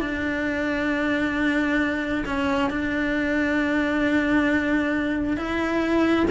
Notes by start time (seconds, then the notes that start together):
0.00 D4
2.26 C#4
2.70 D4
5.36 E4